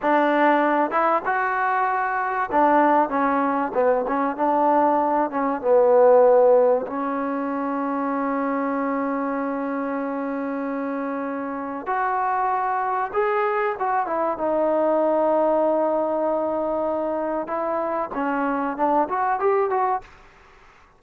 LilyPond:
\new Staff \with { instrumentName = "trombone" } { \time 4/4 \tempo 4 = 96 d'4. e'8 fis'2 | d'4 cis'4 b8 cis'8 d'4~ | d'8 cis'8 b2 cis'4~ | cis'1~ |
cis'2. fis'4~ | fis'4 gis'4 fis'8 e'8 dis'4~ | dis'1 | e'4 cis'4 d'8 fis'8 g'8 fis'8 | }